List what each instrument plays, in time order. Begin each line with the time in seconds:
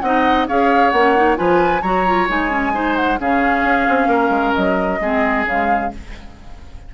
0.00 bassoon C4, clarinet D#4, oboe D#5, flute F#5
0.48 bassoon C#4, clarinet G#4, oboe C#5, flute F5
0.90 bassoon A#3, flute F#5
0.96 clarinet C#4
1.16 clarinet D#4
1.36 bassoon F3, clarinet F4, oboe B4, flute G#5
1.82 bassoon F#3, clarinet F#4, oboe C#5, flute A#5
2.07 clarinet F4
2.28 bassoon G#3, clarinet D#4, flute G#5
2.50 clarinet C#4
2.73 clarinet D#4, oboe C5
2.96 flute F#5
3.19 bassoon C#3, clarinet C#4, oboe G#4, flute F5
3.64 bassoon C#4
3.89 bassoon C4
4.07 bassoon A#3, oboe A#4
4.29 bassoon G#3
4.54 bassoon F#3, flute D#5
5.00 bassoon G#3, clarinet C4, oboe G#4
5.45 bassoon C#3, clarinet G#3, flute F5